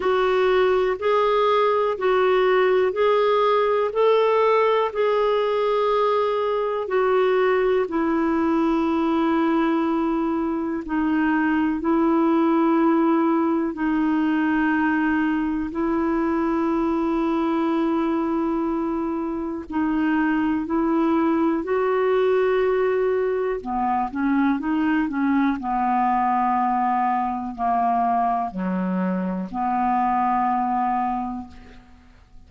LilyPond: \new Staff \with { instrumentName = "clarinet" } { \time 4/4 \tempo 4 = 61 fis'4 gis'4 fis'4 gis'4 | a'4 gis'2 fis'4 | e'2. dis'4 | e'2 dis'2 |
e'1 | dis'4 e'4 fis'2 | b8 cis'8 dis'8 cis'8 b2 | ais4 fis4 b2 | }